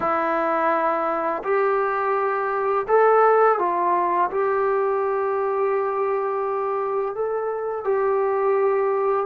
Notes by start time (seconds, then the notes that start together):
0.00 E4
1.43 G4
2.88 A4
3.58 F4
4.31 G4
7.14 A4
7.84 G4